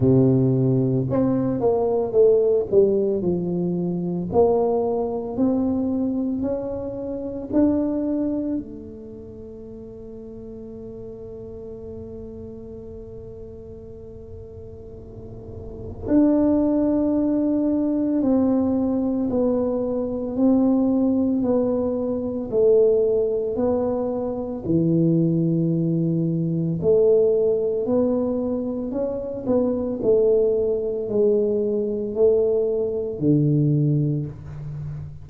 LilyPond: \new Staff \with { instrumentName = "tuba" } { \time 4/4 \tempo 4 = 56 c4 c'8 ais8 a8 g8 f4 | ais4 c'4 cis'4 d'4 | a1~ | a2. d'4~ |
d'4 c'4 b4 c'4 | b4 a4 b4 e4~ | e4 a4 b4 cis'8 b8 | a4 gis4 a4 d4 | }